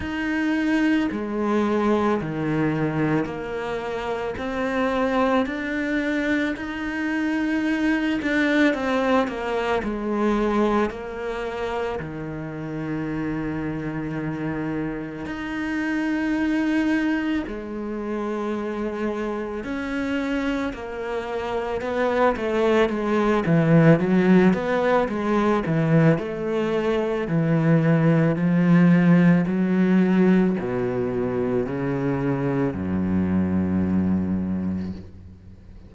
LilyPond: \new Staff \with { instrumentName = "cello" } { \time 4/4 \tempo 4 = 55 dis'4 gis4 dis4 ais4 | c'4 d'4 dis'4. d'8 | c'8 ais8 gis4 ais4 dis4~ | dis2 dis'2 |
gis2 cis'4 ais4 | b8 a8 gis8 e8 fis8 b8 gis8 e8 | a4 e4 f4 fis4 | b,4 cis4 fis,2 | }